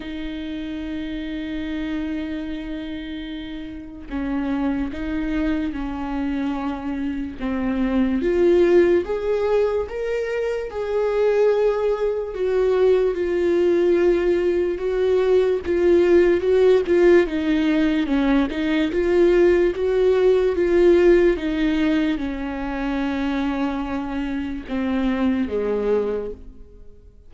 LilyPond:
\new Staff \with { instrumentName = "viola" } { \time 4/4 \tempo 4 = 73 dis'1~ | dis'4 cis'4 dis'4 cis'4~ | cis'4 c'4 f'4 gis'4 | ais'4 gis'2 fis'4 |
f'2 fis'4 f'4 | fis'8 f'8 dis'4 cis'8 dis'8 f'4 | fis'4 f'4 dis'4 cis'4~ | cis'2 c'4 gis4 | }